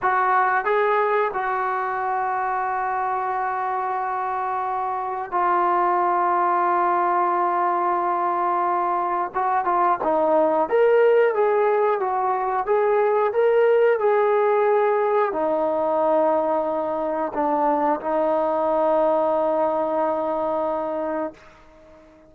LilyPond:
\new Staff \with { instrumentName = "trombone" } { \time 4/4 \tempo 4 = 90 fis'4 gis'4 fis'2~ | fis'1 | f'1~ | f'2 fis'8 f'8 dis'4 |
ais'4 gis'4 fis'4 gis'4 | ais'4 gis'2 dis'4~ | dis'2 d'4 dis'4~ | dis'1 | }